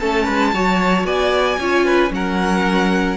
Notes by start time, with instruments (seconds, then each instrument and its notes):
0.00 cello A3, viola C#4, violin A4 A5
0.25 cello G#3, violin B4
0.54 cello F#3, viola F#4, violin C#5
1.04 cello B3, violin D5 G#5
1.59 cello C#4, viola F4, violin C#5
1.86 violin B4
2.10 cello F#3, viola C#4, violin A#4 F#5